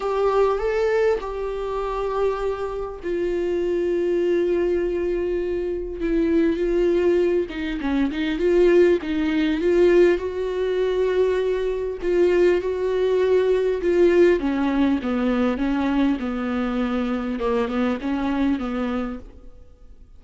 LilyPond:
\new Staff \with { instrumentName = "viola" } { \time 4/4 \tempo 4 = 100 g'4 a'4 g'2~ | g'4 f'2.~ | f'2 e'4 f'4~ | f'8 dis'8 cis'8 dis'8 f'4 dis'4 |
f'4 fis'2. | f'4 fis'2 f'4 | cis'4 b4 cis'4 b4~ | b4 ais8 b8 cis'4 b4 | }